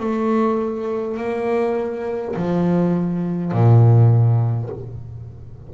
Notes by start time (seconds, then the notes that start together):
0.00 A3
1.18 A#3
2.36 F3
3.52 A#2